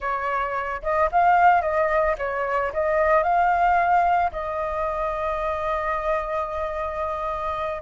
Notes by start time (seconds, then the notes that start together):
0.00 C#5
0.82 D#5
1.11 F5
1.61 D#5
2.18 C#5
2.73 D#5
3.23 F5
4.31 D#5